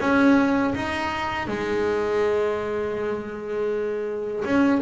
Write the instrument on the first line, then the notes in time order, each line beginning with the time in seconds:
double bass
0.00 C#4
0.75 D#4
1.48 G#3
4.45 C#4